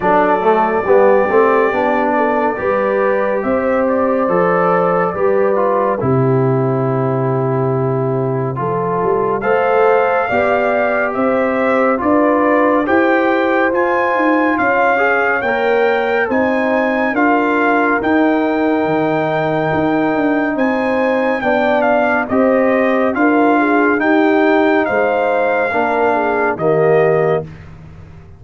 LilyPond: <<
  \new Staff \with { instrumentName = "trumpet" } { \time 4/4 \tempo 4 = 70 d''1 | e''8 d''2~ d''8 c''4~ | c''2. f''4~ | f''4 e''4 d''4 g''4 |
gis''4 f''4 g''4 gis''4 | f''4 g''2. | gis''4 g''8 f''8 dis''4 f''4 | g''4 f''2 dis''4 | }
  \new Staff \with { instrumentName = "horn" } { \time 4/4 a'4 g'4. a'8 b'4 | c''2 b'4 g'4~ | g'2 a'4 c''4 | d''4 c''4 b'4 c''4~ |
c''4 cis''2 c''4 | ais'1 | c''4 d''4 c''4 ais'8 gis'8 | g'4 c''4 ais'8 gis'8 g'4 | }
  \new Staff \with { instrumentName = "trombone" } { \time 4/4 d'8 a8 b8 c'8 d'4 g'4~ | g'4 a'4 g'8 f'8 e'4~ | e'2 f'4 a'4 | g'2 f'4 g'4 |
f'4. gis'8 ais'4 dis'4 | f'4 dis'2.~ | dis'4 d'4 g'4 f'4 | dis'2 d'4 ais4 | }
  \new Staff \with { instrumentName = "tuba" } { \time 4/4 fis4 g8 a8 b4 g4 | c'4 f4 g4 c4~ | c2 f8 g8 a4 | b4 c'4 d'4 e'4 |
f'8 dis'8 cis'4 ais4 c'4 | d'4 dis'4 dis4 dis'8 d'8 | c'4 b4 c'4 d'4 | dis'4 gis4 ais4 dis4 | }
>>